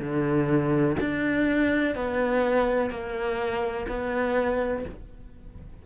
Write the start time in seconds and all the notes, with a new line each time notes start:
0.00 D3
1.00 D4
1.95 B3
2.91 A#3
3.89 B3